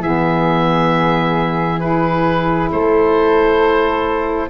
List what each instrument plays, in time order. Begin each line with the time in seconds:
0.00 tuba E3, saxophone B3, flute G#4, oboe E5
1.79 saxophone E4, oboe B4
2.72 tuba A3, flute A4, oboe C5